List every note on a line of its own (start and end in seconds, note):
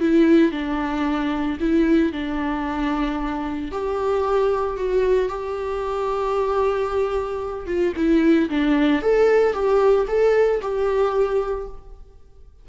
0.00 0.52 E4
0.52 1.58 D4
1.60 2.12 E4
2.12 3.71 D4
3.71 4.77 G4
4.77 5.29 F#4
5.29 7.67 G4
7.67 7.93 F4
7.96 8.49 E4
8.50 9.02 D4
9.02 9.53 A4
9.53 10.06 G4
10.07 10.60 A4
10.61 11.68 G4